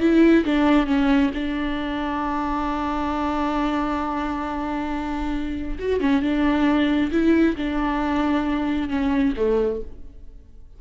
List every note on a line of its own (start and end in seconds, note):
0.00 0.44 E4
0.45 0.86 D4
0.86 1.31 C#4
1.34 5.79 D4
5.79 6.01 F#4
6.01 6.22 C#4
6.22 7.11 D4
7.12 7.56 E4
7.57 8.89 D4
8.89 9.34 C#4
9.37 9.81 A3